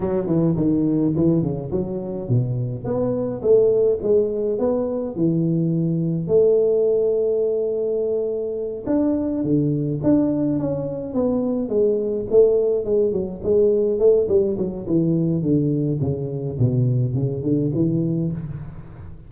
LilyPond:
\new Staff \with { instrumentName = "tuba" } { \time 4/4 \tempo 4 = 105 fis8 e8 dis4 e8 cis8 fis4 | b,4 b4 a4 gis4 | b4 e2 a4~ | a2.~ a8 d'8~ |
d'8 d4 d'4 cis'4 b8~ | b8 gis4 a4 gis8 fis8 gis8~ | gis8 a8 g8 fis8 e4 d4 | cis4 b,4 cis8 d8 e4 | }